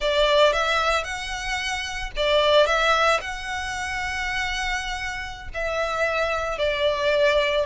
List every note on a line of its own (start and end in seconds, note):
0.00 0.52 D5
0.52 1.03 E5
1.03 2.11 F#5
2.16 2.66 D5
2.66 3.20 E5
3.20 5.48 F#5
5.54 6.58 E5
6.58 7.65 D5